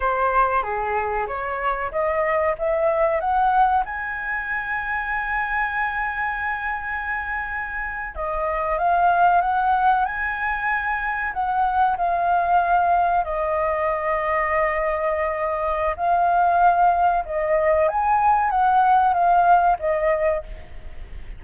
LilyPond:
\new Staff \with { instrumentName = "flute" } { \time 4/4 \tempo 4 = 94 c''4 gis'4 cis''4 dis''4 | e''4 fis''4 gis''2~ | gis''1~ | gis''8. dis''4 f''4 fis''4 gis''16~ |
gis''4.~ gis''16 fis''4 f''4~ f''16~ | f''8. dis''2.~ dis''16~ | dis''4 f''2 dis''4 | gis''4 fis''4 f''4 dis''4 | }